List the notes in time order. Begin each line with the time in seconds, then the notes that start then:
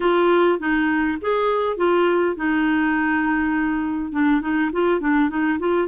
0.00 F4
0.59 D#4
1.21 G#4
1.76 F4
2.35 D#4
4.12 D4
4.41 D#4
4.72 F4
5.00 D4
5.29 D#4
5.59 F4